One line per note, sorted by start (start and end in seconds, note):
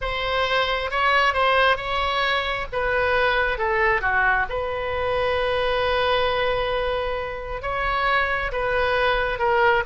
0.01 0.90 C5
0.90 1.33 C#5
1.33 1.76 C5
1.76 2.66 C#5
2.72 3.58 B4
3.58 4.01 A4
4.01 4.46 F#4
4.49 7.62 B4
7.62 8.51 C#5
8.52 9.38 B4
9.38 9.83 A#4